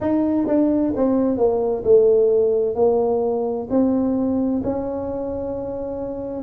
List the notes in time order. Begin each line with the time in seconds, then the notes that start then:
0.00 D#4
0.47 D4
0.96 C4
1.37 A#3
1.84 A3
2.75 A#3
3.69 C4
4.63 C#4